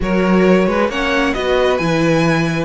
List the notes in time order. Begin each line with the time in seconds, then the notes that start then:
0.00 F#3 F#4 A#4 C#5
0.67 G#3 B4
0.88 A#3 C#4 C#5 F#5
1.33 B3 F#4 B4 D#5
1.77 E3 E4 G#5